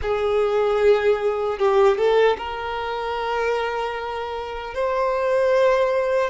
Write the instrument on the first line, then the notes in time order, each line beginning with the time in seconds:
violin
0.02 G#4
1.58 G4
1.97 A4
2.37 A#4
4.74 C5